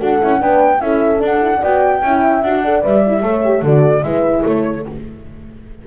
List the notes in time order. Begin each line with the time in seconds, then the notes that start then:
0.00 D4 F#4 A4 F#5
0.22 C#4 E4
0.40 B3 D4 B4 G5
0.81 C#4 E4 A4 E5
1.19 D4 F#5
1.42 E4
1.57 D4 D5
1.63 B3 F#4 G5
2.02 C#4 E4 E5
2.42 D4 F#4 F#5
2.63 A4 D5
2.83 G3 B4 E5
3.07 E4
3.22 A3 A4 C#5
3.45 G4
3.62 D3 F#4 A4 D5
4.03 G#3 E4 B4 E5
4.43 A3 A4 C#5